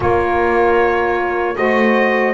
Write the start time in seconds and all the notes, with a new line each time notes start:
0.00 A#3 F4 A#4 C#5
1.55 A3 F#4 C5 D#5